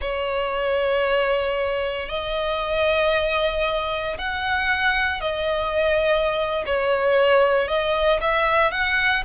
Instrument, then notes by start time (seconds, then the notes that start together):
violin
0.01 C#5
2.08 D#5
4.17 F#5
5.20 D#5
6.66 C#5
7.67 D#5
8.20 E5
8.71 F#5